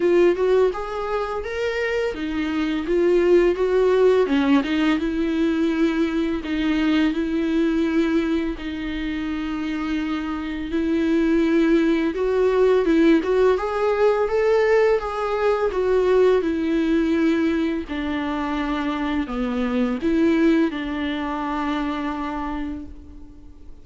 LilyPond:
\new Staff \with { instrumentName = "viola" } { \time 4/4 \tempo 4 = 84 f'8 fis'8 gis'4 ais'4 dis'4 | f'4 fis'4 cis'8 dis'8 e'4~ | e'4 dis'4 e'2 | dis'2. e'4~ |
e'4 fis'4 e'8 fis'8 gis'4 | a'4 gis'4 fis'4 e'4~ | e'4 d'2 b4 | e'4 d'2. | }